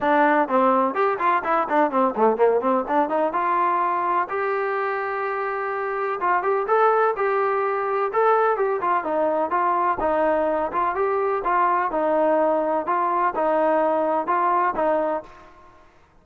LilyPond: \new Staff \with { instrumentName = "trombone" } { \time 4/4 \tempo 4 = 126 d'4 c'4 g'8 f'8 e'8 d'8 | c'8 a8 ais8 c'8 d'8 dis'8 f'4~ | f'4 g'2.~ | g'4 f'8 g'8 a'4 g'4~ |
g'4 a'4 g'8 f'8 dis'4 | f'4 dis'4. f'8 g'4 | f'4 dis'2 f'4 | dis'2 f'4 dis'4 | }